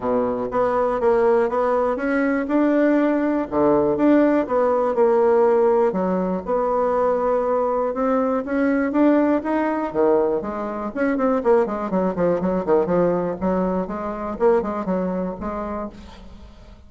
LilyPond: \new Staff \with { instrumentName = "bassoon" } { \time 4/4 \tempo 4 = 121 b,4 b4 ais4 b4 | cis'4 d'2 d4 | d'4 b4 ais2 | fis4 b2. |
c'4 cis'4 d'4 dis'4 | dis4 gis4 cis'8 c'8 ais8 gis8 | fis8 f8 fis8 dis8 f4 fis4 | gis4 ais8 gis8 fis4 gis4 | }